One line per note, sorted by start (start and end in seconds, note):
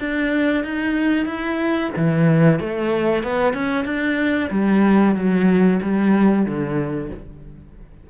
0.00 0.65 D4
0.65 1.26 D#4
1.26 1.91 E4
1.97 2.60 E3
2.60 3.23 A3
3.23 3.54 B3
3.54 3.85 C#4
3.85 4.50 D4
4.51 5.16 G3
5.16 5.80 F#3
5.82 6.46 G3
6.46 7.11 D3